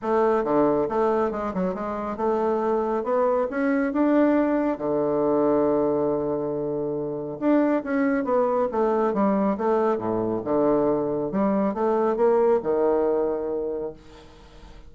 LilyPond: \new Staff \with { instrumentName = "bassoon" } { \time 4/4 \tempo 4 = 138 a4 d4 a4 gis8 fis8 | gis4 a2 b4 | cis'4 d'2 d4~ | d1~ |
d4 d'4 cis'4 b4 | a4 g4 a4 a,4 | d2 g4 a4 | ais4 dis2. | }